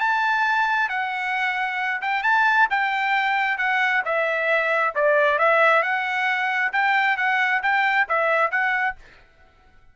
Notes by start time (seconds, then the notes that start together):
0.00 A5
0.89 F#5
2.02 G5
2.23 A5
2.70 G5
3.58 F#5
4.05 E5
4.95 D5
5.39 E5
5.83 F#5
6.72 G5
7.17 F#5
7.63 G5
8.09 E5
8.51 F#5